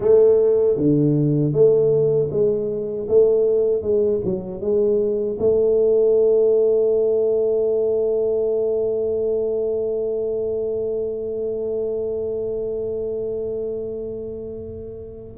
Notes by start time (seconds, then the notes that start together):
0.00 A3
0.77 D3
1.52 A3
2.30 G#3
3.08 A3
3.81 G#3
4.24 F#3
4.60 G#3
5.39 A3